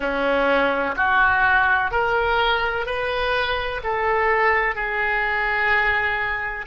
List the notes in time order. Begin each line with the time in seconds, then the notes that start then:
0.00 C#4
0.96 F#4
1.90 A#4
2.86 B4
3.83 A4
4.74 G#4